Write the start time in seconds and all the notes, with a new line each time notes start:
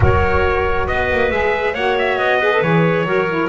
0.00 F#3 F#4 A#4 C#5
0.87 B3 B4 D#5
1.11 A#3
1.30 G#3 G#4 E5
1.73 A#3 F#4 C#5 F#5
1.98 E5
2.17 B3 D#5
2.39 G#4 B4
2.52 A4
2.62 E3 G#4 C#5
3.04 F#3 F#4 A#4
3.28 E4